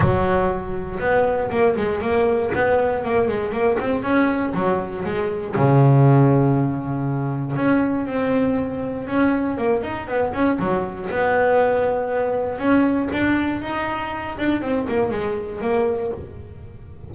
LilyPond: \new Staff \with { instrumentName = "double bass" } { \time 4/4 \tempo 4 = 119 fis2 b4 ais8 gis8 | ais4 b4 ais8 gis8 ais8 c'8 | cis'4 fis4 gis4 cis4~ | cis2. cis'4 |
c'2 cis'4 ais8 dis'8 | b8 cis'8 fis4 b2~ | b4 cis'4 d'4 dis'4~ | dis'8 d'8 c'8 ais8 gis4 ais4 | }